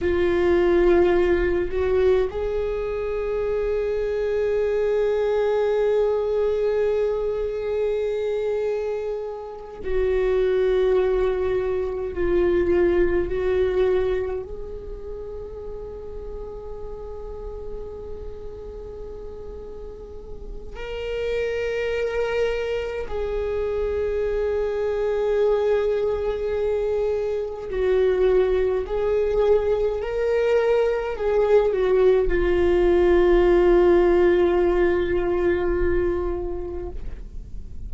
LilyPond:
\new Staff \with { instrumentName = "viola" } { \time 4/4 \tempo 4 = 52 f'4. fis'8 gis'2~ | gis'1~ | gis'8 fis'2 f'4 fis'8~ | fis'8 gis'2.~ gis'8~ |
gis'2 ais'2 | gis'1 | fis'4 gis'4 ais'4 gis'8 fis'8 | f'1 | }